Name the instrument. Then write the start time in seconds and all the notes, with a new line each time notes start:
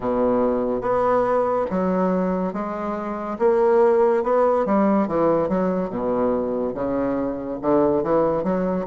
bassoon
0.00 B2
0.81 B3
1.70 F#3
2.53 G#3
3.38 A#3
4.23 B3
4.65 G3
5.07 E3
5.49 F#3
5.89 B2
6.74 C#3
7.61 D3
8.03 E3
8.43 F#3